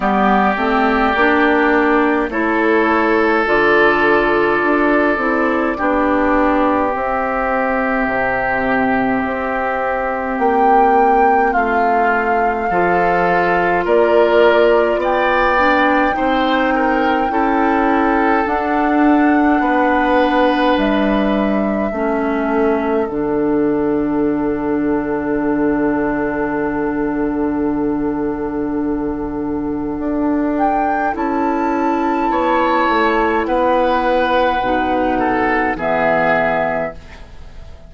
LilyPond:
<<
  \new Staff \with { instrumentName = "flute" } { \time 4/4 \tempo 4 = 52 d''2 cis''4 d''4~ | d''2 e''2~ | e''4 g''4 f''2 | d''4 g''2. |
fis''2 e''2 | fis''1~ | fis''2~ fis''8 g''8 a''4~ | a''4 fis''2 e''4 | }
  \new Staff \with { instrumentName = "oboe" } { \time 4/4 g'2 a'2~ | a'4 g'2.~ | g'2 f'4 a'4 | ais'4 d''4 c''8 ais'8 a'4~ |
a'4 b'2 a'4~ | a'1~ | a'1 | cis''4 b'4. a'8 gis'4 | }
  \new Staff \with { instrumentName = "clarinet" } { \time 4/4 b8 c'8 d'4 e'4 f'4~ | f'8 e'8 d'4 c'2~ | c'2. f'4~ | f'4. d'8 dis'4 e'4 |
d'2. cis'4 | d'1~ | d'2. e'4~ | e'2 dis'4 b4 | }
  \new Staff \with { instrumentName = "bassoon" } { \time 4/4 g8 a8 ais4 a4 d4 | d'8 c'8 b4 c'4 c4 | c'4 ais4 a4 f4 | ais4 b4 c'4 cis'4 |
d'4 b4 g4 a4 | d1~ | d2 d'4 cis'4 | b8 a8 b4 b,4 e4 | }
>>